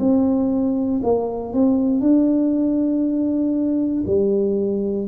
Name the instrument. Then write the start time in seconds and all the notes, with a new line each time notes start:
tuba
0.00 C4
1.04 A#3
1.53 C4
2.01 D4
4.07 G3